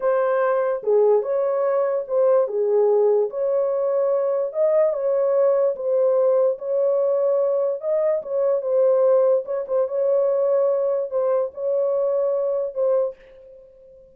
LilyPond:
\new Staff \with { instrumentName = "horn" } { \time 4/4 \tempo 4 = 146 c''2 gis'4 cis''4~ | cis''4 c''4 gis'2 | cis''2. dis''4 | cis''2 c''2 |
cis''2. dis''4 | cis''4 c''2 cis''8 c''8 | cis''2. c''4 | cis''2. c''4 | }